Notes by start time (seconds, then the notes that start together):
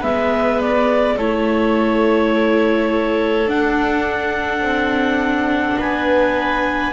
0.00 G#3 B3 B4 E5
0.61 D5
1.18 A3 E4 A4 C#5
3.47 D4 F#5
4.62 C4
5.79 B3 B4 G#5